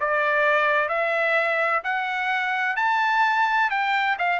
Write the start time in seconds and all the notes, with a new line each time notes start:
0.00 D5
0.88 E5
1.83 F#5
2.76 A5
3.70 G5
4.18 F5